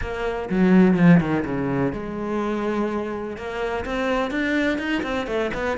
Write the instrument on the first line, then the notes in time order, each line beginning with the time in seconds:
cello
0.01 A#3
0.49 F#3
0.96 F3
1.20 D#3
1.45 C#3
1.92 G#3
3.36 A#3
3.85 C4
4.30 D4
4.78 D#4
5.02 C4
5.27 A3
5.54 B3